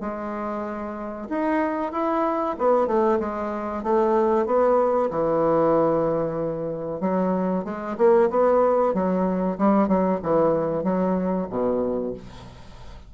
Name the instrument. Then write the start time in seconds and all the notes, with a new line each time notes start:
bassoon
0.00 G#3
1.29 D#4
1.92 E4
2.58 B3
2.87 A3
3.19 G#3
3.83 A3
4.46 B3
5.10 E3
7.00 F#3
7.65 G#3
7.98 A#3
8.30 B3
8.94 F#3
9.58 G3
9.88 F#3
10.23 E3
10.83 F#3
11.50 B2